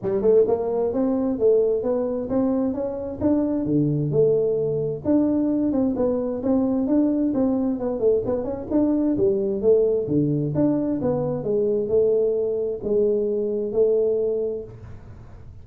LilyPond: \new Staff \with { instrumentName = "tuba" } { \time 4/4 \tempo 4 = 131 g8 a8 ais4 c'4 a4 | b4 c'4 cis'4 d'4 | d4 a2 d'4~ | d'8 c'8 b4 c'4 d'4 |
c'4 b8 a8 b8 cis'8 d'4 | g4 a4 d4 d'4 | b4 gis4 a2 | gis2 a2 | }